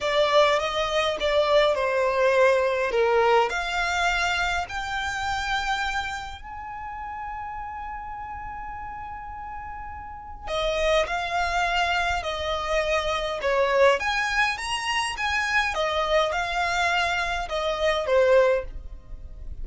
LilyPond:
\new Staff \with { instrumentName = "violin" } { \time 4/4 \tempo 4 = 103 d''4 dis''4 d''4 c''4~ | c''4 ais'4 f''2 | g''2. gis''4~ | gis''1~ |
gis''2 dis''4 f''4~ | f''4 dis''2 cis''4 | gis''4 ais''4 gis''4 dis''4 | f''2 dis''4 c''4 | }